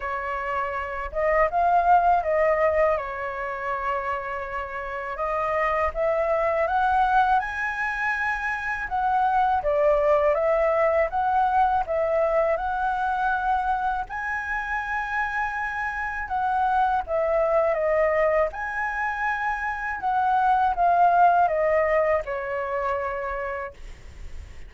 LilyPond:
\new Staff \with { instrumentName = "flute" } { \time 4/4 \tempo 4 = 81 cis''4. dis''8 f''4 dis''4 | cis''2. dis''4 | e''4 fis''4 gis''2 | fis''4 d''4 e''4 fis''4 |
e''4 fis''2 gis''4~ | gis''2 fis''4 e''4 | dis''4 gis''2 fis''4 | f''4 dis''4 cis''2 | }